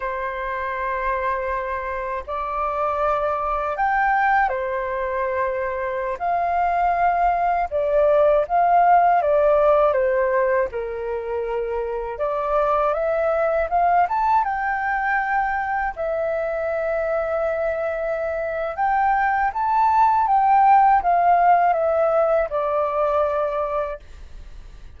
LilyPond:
\new Staff \with { instrumentName = "flute" } { \time 4/4 \tempo 4 = 80 c''2. d''4~ | d''4 g''4 c''2~ | c''16 f''2 d''4 f''8.~ | f''16 d''4 c''4 ais'4.~ ais'16~ |
ais'16 d''4 e''4 f''8 a''8 g''8.~ | g''4~ g''16 e''2~ e''8.~ | e''4 g''4 a''4 g''4 | f''4 e''4 d''2 | }